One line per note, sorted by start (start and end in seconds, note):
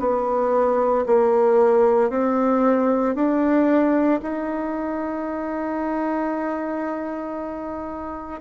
0.00 1.05 B3
1.07 2.11 A#3
2.11 3.15 C4
3.15 4.21 D4
4.22 8.41 D#4